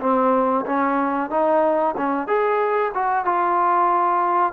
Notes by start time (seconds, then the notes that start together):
0.00 C4
0.66 C#4
1.30 D#4
1.97 C#4
2.27 G#4
2.94 F#4
3.25 F4